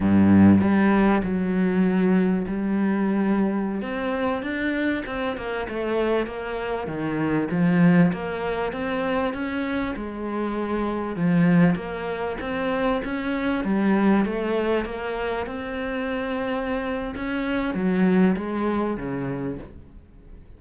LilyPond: \new Staff \with { instrumentName = "cello" } { \time 4/4 \tempo 4 = 98 g,4 g4 fis2 | g2~ g16 c'4 d'8.~ | d'16 c'8 ais8 a4 ais4 dis8.~ | dis16 f4 ais4 c'4 cis'8.~ |
cis'16 gis2 f4 ais8.~ | ais16 c'4 cis'4 g4 a8.~ | a16 ais4 c'2~ c'8. | cis'4 fis4 gis4 cis4 | }